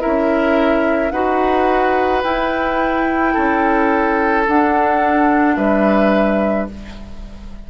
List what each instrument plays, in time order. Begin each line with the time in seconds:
0.00 bassoon C#4, clarinet E4, oboe A#4, flute E5
1.11 bassoon D#4, clarinet F#4, oboe B4, flute F#5
2.23 bassoon E4, clarinet E4, flute G5
3.33 bassoon C#4, oboe A4
4.48 bassoon D4, clarinet D4, flute F#5
5.56 bassoon G3, oboe B4, flute E5